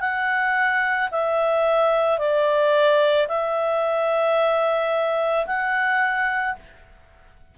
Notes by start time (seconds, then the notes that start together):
0.00 F#5
1.11 E5
2.18 D5
3.28 E5
5.46 F#5